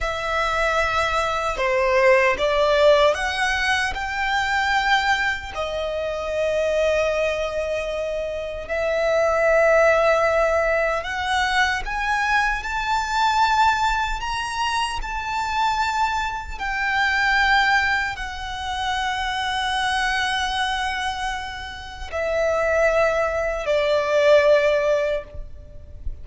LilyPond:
\new Staff \with { instrumentName = "violin" } { \time 4/4 \tempo 4 = 76 e''2 c''4 d''4 | fis''4 g''2 dis''4~ | dis''2. e''4~ | e''2 fis''4 gis''4 |
a''2 ais''4 a''4~ | a''4 g''2 fis''4~ | fis''1 | e''2 d''2 | }